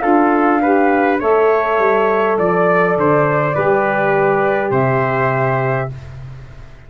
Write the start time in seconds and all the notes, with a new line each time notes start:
0.00 D4 F4 A4 F5
0.62 G4 B4
1.20 A3 A4 C#5 E5
1.78 G3
2.38 F3 D5
2.97 D3 C5
3.54 G3 G4 B4
4.71 C3 C5 E5